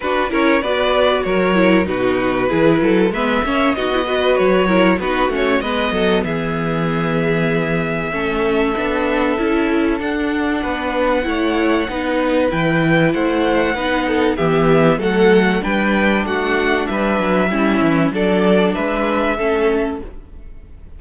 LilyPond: <<
  \new Staff \with { instrumentName = "violin" } { \time 4/4 \tempo 4 = 96 b'8 cis''8 d''4 cis''4 b'4~ | b'4 e''4 dis''4 cis''4 | b'8 cis''8 dis''4 e''2~ | e''1 |
fis''1 | g''4 fis''2 e''4 | fis''4 g''4 fis''4 e''4~ | e''4 d''4 e''2 | }
  \new Staff \with { instrumentName = "violin" } { \time 4/4 fis'8 ais'8 b'4 ais'4 fis'4 | gis'8 a'8 b'8 cis''8 fis'8 b'4 ais'8 | fis'4 b'8 a'8 gis'2~ | gis'4 a'2.~ |
a'4 b'4 cis''4 b'4~ | b'4 c''4 b'8 a'8 g'4 | a'4 b'4 fis'4 b'4 | e'4 a'4 b'4 a'4 | }
  \new Staff \with { instrumentName = "viola" } { \time 4/4 d'8 e'8 fis'4. e'8 dis'4 | e'4 b8 cis'8 dis'16 e'16 fis'4 e'8 | dis'8 cis'8 b2.~ | b4 cis'4 d'4 e'4 |
d'2 e'4 dis'4 | e'2 dis'4 b4 | a4 d'2. | cis'4 d'2 cis'4 | }
  \new Staff \with { instrumentName = "cello" } { \time 4/4 d'8 cis'8 b4 fis4 b,4 | e8 fis8 gis8 ais8 b4 fis4 | b8 a8 gis8 fis8 e2~ | e4 a4 b4 cis'4 |
d'4 b4 a4 b4 | e4 a4 b4 e4 | fis4 g4 a4 g8 fis8 | g8 e8 fis4 gis4 a4 | }
>>